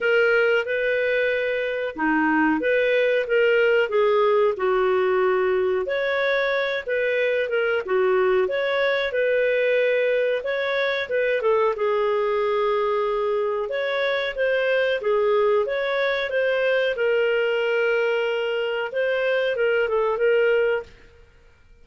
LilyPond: \new Staff \with { instrumentName = "clarinet" } { \time 4/4 \tempo 4 = 92 ais'4 b'2 dis'4 | b'4 ais'4 gis'4 fis'4~ | fis'4 cis''4. b'4 ais'8 | fis'4 cis''4 b'2 |
cis''4 b'8 a'8 gis'2~ | gis'4 cis''4 c''4 gis'4 | cis''4 c''4 ais'2~ | ais'4 c''4 ais'8 a'8 ais'4 | }